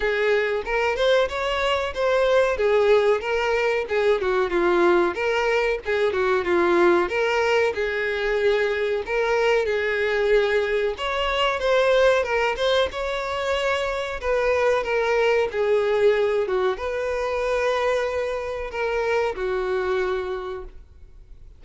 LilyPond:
\new Staff \with { instrumentName = "violin" } { \time 4/4 \tempo 4 = 93 gis'4 ais'8 c''8 cis''4 c''4 | gis'4 ais'4 gis'8 fis'8 f'4 | ais'4 gis'8 fis'8 f'4 ais'4 | gis'2 ais'4 gis'4~ |
gis'4 cis''4 c''4 ais'8 c''8 | cis''2 b'4 ais'4 | gis'4. fis'8 b'2~ | b'4 ais'4 fis'2 | }